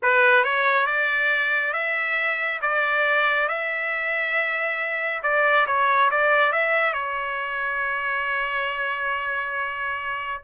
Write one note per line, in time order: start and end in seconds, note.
0.02 0.43 B4
0.43 0.86 C#5
0.86 1.73 D5
1.73 2.60 E5
2.61 3.48 D5
3.48 5.22 E5
5.23 5.66 D5
5.66 6.10 C#5
6.11 6.52 D5
6.52 6.93 E5
6.93 10.41 C#5